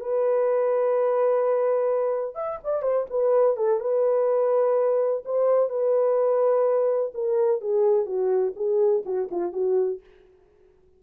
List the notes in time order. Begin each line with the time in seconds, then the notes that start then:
0.00 B4
2.35 E5
2.64 D5
2.82 C5
3.10 B4
3.56 A4
3.80 B4
5.24 C5
5.69 B4
7.14 A#4
7.61 G#4
8.06 F#4
8.56 G#4
9.05 F#4
9.31 F4
9.53 F#4